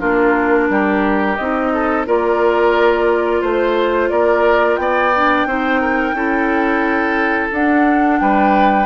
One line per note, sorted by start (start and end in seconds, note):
0.00 0.70 A#3
0.00 1.36 D4
0.00 0.68 F4
0.00 1.37 A#4
0.70 1.38 G3
0.70 1.73 G4
1.37 2.07 C4
1.37 2.07 D#4
1.37 2.05 D#5
1.73 2.07 A4
2.07 3.43 A#3
2.07 5.14 F4
2.07 3.41 A#4
2.07 3.44 D5
3.41 4.11 A3
3.41 4.10 C5
4.10 4.78 A#3
4.10 4.80 A#4
4.10 4.77 D5
4.77 5.46 B3
4.77 5.48 D5
4.77 7.50 G5
5.15 5.48 D4
5.46 6.13 C4
5.46 6.16 D#4
5.46 5.81 C5
5.81 6.15 A#4
6.13 7.50 C#4
6.13 7.52 E4
6.13 8.21 A4
7.53 8.21 D4
7.53 8.86 D4
7.53 8.20 F#5
8.20 8.86 G3
8.20 8.86 B4
8.20 8.86 G5